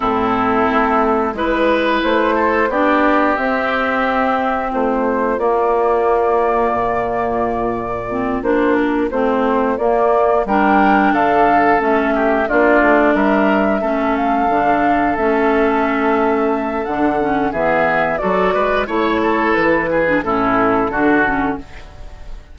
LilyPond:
<<
  \new Staff \with { instrumentName = "flute" } { \time 4/4 \tempo 4 = 89 a'2 b'4 c''4 | d''4 e''2 c''4 | d''1~ | d''8 c''8 ais'8 c''4 d''4 g''8~ |
g''8 f''4 e''4 d''4 e''8~ | e''4 f''4. e''4.~ | e''4 fis''4 e''4 d''4 | cis''4 b'4 a'2 | }
  \new Staff \with { instrumentName = "oboe" } { \time 4/4 e'2 b'4. a'8 | g'2. f'4~ | f'1~ | f'2.~ f'8 ais'8~ |
ais'8 a'4. g'8 f'4 ais'8~ | ais'8 a'2.~ a'8~ | a'2 gis'4 a'8 b'8 | cis''8 a'4 gis'8 e'4 fis'4 | }
  \new Staff \with { instrumentName = "clarinet" } { \time 4/4 c'2 e'2 | d'4 c'2. | ais1 | c'8 d'4 c'4 ais4 d'8~ |
d'4. cis'4 d'4.~ | d'8 cis'4 d'4 cis'4.~ | cis'4 d'8 cis'8 b4 fis'4 | e'4.~ e'16 d'16 cis'4 d'8 cis'8 | }
  \new Staff \with { instrumentName = "bassoon" } { \time 4/4 a,4 a4 gis4 a4 | b4 c'2 a4 | ais2 ais,2~ | ais,8 ais4 a4 ais4 g8~ |
g8 d4 a4 ais8 a8 g8~ | g8 a4 d4 a4.~ | a4 d4 e4 fis8 gis8 | a4 e4 a,4 d4 | }
>>